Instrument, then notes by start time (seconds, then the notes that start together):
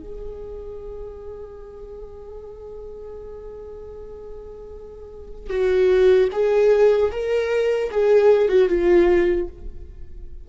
viola
0.00 G#4
5.50 F#4
6.32 G#4
7.11 A#4
7.91 G#4
8.49 F#4
8.69 F4